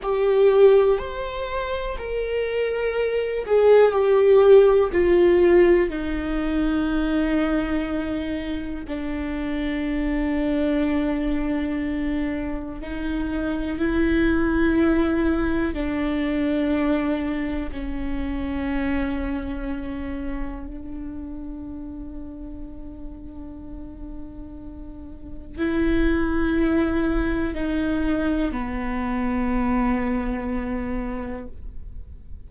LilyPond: \new Staff \with { instrumentName = "viola" } { \time 4/4 \tempo 4 = 61 g'4 c''4 ais'4. gis'8 | g'4 f'4 dis'2~ | dis'4 d'2.~ | d'4 dis'4 e'2 |
d'2 cis'2~ | cis'4 d'2.~ | d'2 e'2 | dis'4 b2. | }